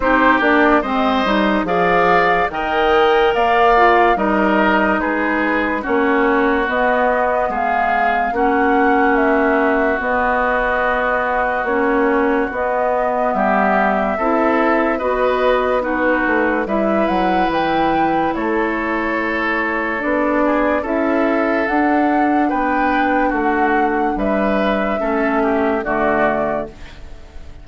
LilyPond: <<
  \new Staff \with { instrumentName = "flute" } { \time 4/4 \tempo 4 = 72 c''8 d''8 dis''4 f''4 g''4 | f''4 dis''4 b'4 cis''4 | dis''4 f''4 fis''4 e''4 | dis''2 cis''4 dis''4 |
e''2 dis''4 b'4 | e''8 fis''8 g''4 cis''2 | d''4 e''4 fis''4 g''4 | fis''4 e''2 d''4 | }
  \new Staff \with { instrumentName = "oboe" } { \time 4/4 g'4 c''4 d''4 dis''4 | d''4 ais'4 gis'4 fis'4~ | fis'4 gis'4 fis'2~ | fis'1 |
g'4 a'4 b'4 fis'4 | b'2 a'2~ | a'8 gis'8 a'2 b'4 | fis'4 b'4 a'8 g'8 fis'4 | }
  \new Staff \with { instrumentName = "clarinet" } { \time 4/4 dis'8 d'8 c'8 dis'8 gis'4 ais'4~ | ais'8 f'8 dis'2 cis'4 | b2 cis'2 | b2 cis'4 b4~ |
b4 e'4 fis'4 dis'4 | e'1 | d'4 e'4 d'2~ | d'2 cis'4 a4 | }
  \new Staff \with { instrumentName = "bassoon" } { \time 4/4 c'8 ais8 gis8 g8 f4 dis4 | ais4 g4 gis4 ais4 | b4 gis4 ais2 | b2 ais4 b4 |
g4 c'4 b4. a8 | g8 fis8 e4 a2 | b4 cis'4 d'4 b4 | a4 g4 a4 d4 | }
>>